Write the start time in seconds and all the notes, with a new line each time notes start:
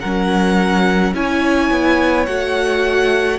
0.00 F#3 C#4 A#4 F#5
1.14 C#4 E4 C#5 G#5
1.70 B3
2.26 A3 F#4 F#5